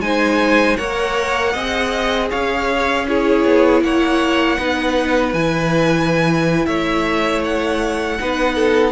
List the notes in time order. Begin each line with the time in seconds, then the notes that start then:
0.00 G#3 D#4 C5 G#5
0.77 A#3 A#4 C#5 F#5
1.53 C4 G#4 D#5
2.31 C#4 C#5 F5
3.08 E4 G#4 C#5
3.45 B3
3.82 A#3 C#5 F#5
4.58 B3 D#4 B4
5.33 E3 E4 G#5
6.66 A3 C#5 E5
7.44 F#5
8.20 B3 D#4 B4
8.56 A4